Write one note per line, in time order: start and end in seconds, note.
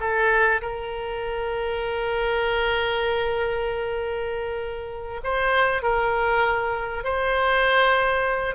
0.00 0.61 A4
0.62 5.21 A#4
5.23 5.82 C5
5.82 7.04 A#4
7.04 8.55 C5